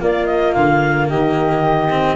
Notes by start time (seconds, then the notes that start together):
0.00 A#3 F4 D5
0.26 D#5
0.53 D3 F5
1.09 D#3 G4 D#5
1.90 C4